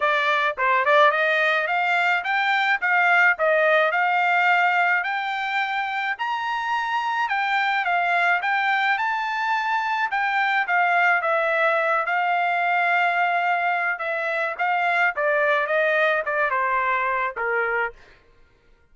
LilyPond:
\new Staff \with { instrumentName = "trumpet" } { \time 4/4 \tempo 4 = 107 d''4 c''8 d''8 dis''4 f''4 | g''4 f''4 dis''4 f''4~ | f''4 g''2 ais''4~ | ais''4 g''4 f''4 g''4 |
a''2 g''4 f''4 | e''4. f''2~ f''8~ | f''4 e''4 f''4 d''4 | dis''4 d''8 c''4. ais'4 | }